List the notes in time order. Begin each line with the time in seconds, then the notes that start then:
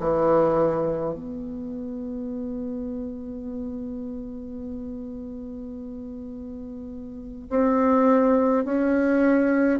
0.00 E3
1.14 B3
7.50 C4
8.65 C#4